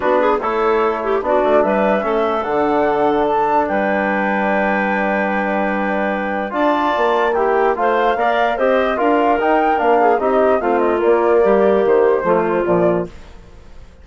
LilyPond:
<<
  \new Staff \with { instrumentName = "flute" } { \time 4/4 \tempo 4 = 147 b'4 cis''2 d''4 | e''2 fis''2 | a''4 g''2.~ | g''1 |
a''2 g''4 f''4~ | f''4 dis''4 f''4 g''4 | f''4 dis''4 f''8 dis''8 d''4~ | d''4 c''2 d''4 | }
  \new Staff \with { instrumentName = "clarinet" } { \time 4/4 fis'8 gis'8 a'4. g'8 fis'4 | b'4 a'2.~ | a'4 b'2.~ | b'1 |
d''2 g'4 c''4 | d''4 c''4 ais'2~ | ais'8 gis'8 g'4 f'2 | g'2 f'2 | }
  \new Staff \with { instrumentName = "trombone" } { \time 4/4 d'4 e'2 d'4~ | d'4 cis'4 d'2~ | d'1~ | d'1 |
f'2 e'4 f'4 | ais'4 g'4 f'4 dis'4 | d'4 dis'4 c'4 ais4~ | ais2 a4 f4 | }
  \new Staff \with { instrumentName = "bassoon" } { \time 4/4 b4 a2 b8 a8 | g4 a4 d2~ | d4 g2.~ | g1 |
d'4 ais2 a4 | ais4 c'4 d'4 dis'4 | ais4 c'4 a4 ais4 | g4 dis4 f4 ais,4 | }
>>